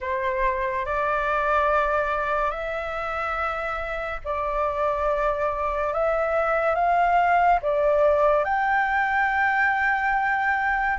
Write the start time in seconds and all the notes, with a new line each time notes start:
0.00 C5
0.85 D5
2.50 E5
4.24 D5
5.93 E5
6.75 F5
7.61 D5
8.44 G5